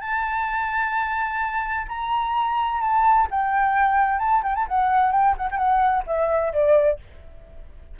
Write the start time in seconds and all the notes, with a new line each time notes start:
0.00 A5
1.88 A#5
2.81 A5
3.30 G5
4.19 A5
4.43 G5
4.55 A5
4.68 F#5
5.12 G5
5.37 F#5
5.51 G5
5.57 F#5
6.07 E5
6.53 D5